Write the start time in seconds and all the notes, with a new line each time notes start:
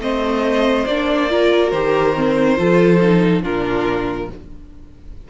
0.00 A3 C4 C5 D#5
0.87 A#3 D4 D5
1.30 F4 A#4
1.71 D#3 G4 C5
2.16 C4
2.57 F3 F4 A4
3.02 D#4
3.43 A#2 D4 F4 A#4